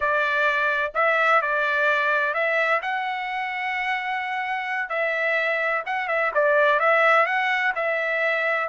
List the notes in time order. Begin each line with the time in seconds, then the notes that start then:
0.00 D5
0.94 E5
1.41 D5
2.34 E5
2.81 F#5
4.89 E5
5.86 F#5
6.08 E5
6.34 D5
6.79 E5
7.26 F#5
7.75 E5